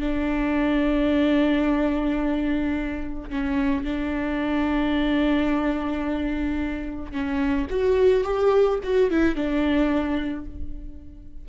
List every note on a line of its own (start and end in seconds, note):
0.00 3.30 D4
3.30 3.84 C#4
3.84 7.12 D4
7.12 7.67 C#4
7.70 8.24 F#4
8.24 8.79 G4
8.83 9.11 F#4
9.11 9.35 E4
9.35 10.45 D4